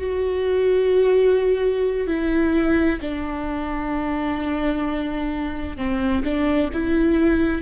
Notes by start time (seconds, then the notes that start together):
0.00 F#4
2.07 E4
3.01 D4
5.77 C4
6.24 D4
6.73 E4